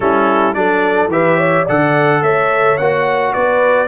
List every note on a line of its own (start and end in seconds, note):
0.00 0.55 G3
0.00 0.54 C#4
0.00 0.56 E4
0.00 0.54 A4
0.54 1.07 F#3
0.54 1.09 D4
0.54 1.12 A4
0.54 1.09 D5
1.07 1.62 E3
1.07 1.66 G4
1.07 1.36 B4
1.07 1.67 E5
1.36 1.64 C#5
1.64 2.21 D3
1.64 2.79 A4
1.64 2.19 D5
1.64 2.22 F#5
2.21 2.77 A3
2.21 3.33 C#5
2.21 2.77 E5
2.77 3.34 A#3
2.77 3.88 F#4
2.77 3.33 F#5
3.33 3.88 B3
3.33 3.88 B4
3.33 3.88 D5